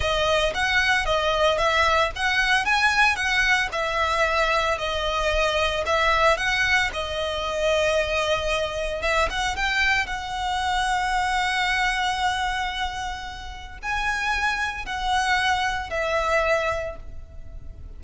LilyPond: \new Staff \with { instrumentName = "violin" } { \time 4/4 \tempo 4 = 113 dis''4 fis''4 dis''4 e''4 | fis''4 gis''4 fis''4 e''4~ | e''4 dis''2 e''4 | fis''4 dis''2.~ |
dis''4 e''8 fis''8 g''4 fis''4~ | fis''1~ | fis''2 gis''2 | fis''2 e''2 | }